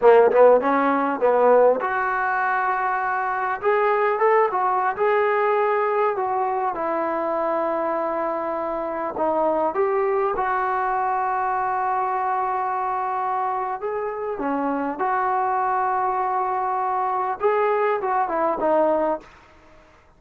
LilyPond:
\new Staff \with { instrumentName = "trombone" } { \time 4/4 \tempo 4 = 100 ais8 b8 cis'4 b4 fis'4~ | fis'2 gis'4 a'8 fis'8~ | fis'16 gis'2 fis'4 e'8.~ | e'2.~ e'16 dis'8.~ |
dis'16 g'4 fis'2~ fis'8.~ | fis'2. gis'4 | cis'4 fis'2.~ | fis'4 gis'4 fis'8 e'8 dis'4 | }